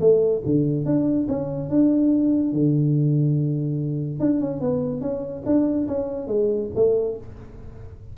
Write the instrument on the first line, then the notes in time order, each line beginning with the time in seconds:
tuba
0.00 A3
0.45 D3
0.85 D4
1.28 C#4
1.69 D4
2.53 D3
4.20 D4
4.40 C#4
4.60 B3
5.01 C#4
5.45 D4
5.87 C#4
6.27 G#3
6.75 A3